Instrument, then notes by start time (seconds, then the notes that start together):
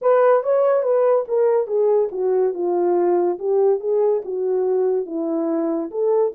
horn
0.01 B4
0.43 C#5
0.82 B4
1.28 A#4
1.67 G#4
2.11 F#4
2.54 F4
3.38 G4
3.80 G#4
4.24 F#4
5.06 E4
5.90 A4